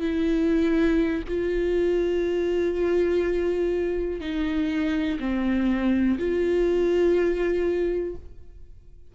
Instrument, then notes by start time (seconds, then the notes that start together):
viola
0.00 E4
1.28 F4
4.20 D#4
5.20 C4
6.18 F4